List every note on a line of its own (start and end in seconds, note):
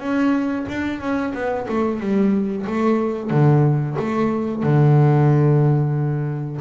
0.00 0.66 C#4
0.70 1.01 D4
1.01 1.34 C#4
1.35 1.68 B3
1.69 2.00 A3
2.00 2.66 G3
2.67 3.31 A3
3.31 3.97 D3
4.00 4.64 A3
4.64 6.61 D3